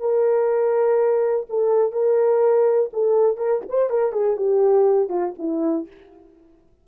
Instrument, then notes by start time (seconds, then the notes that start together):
horn
0.00 A#4
1.49 A4
1.92 A#4
2.93 A4
3.37 A#4
3.69 C5
3.90 A#4
4.12 G#4
4.37 G4
5.09 F4
5.39 E4